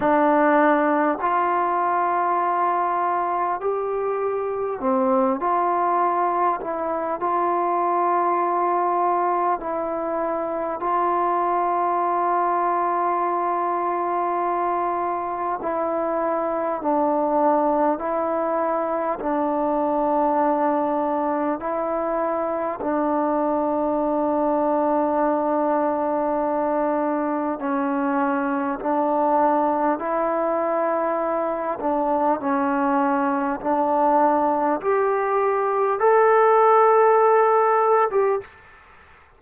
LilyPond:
\new Staff \with { instrumentName = "trombone" } { \time 4/4 \tempo 4 = 50 d'4 f'2 g'4 | c'8 f'4 e'8 f'2 | e'4 f'2.~ | f'4 e'4 d'4 e'4 |
d'2 e'4 d'4~ | d'2. cis'4 | d'4 e'4. d'8 cis'4 | d'4 g'4 a'4.~ a'16 g'16 | }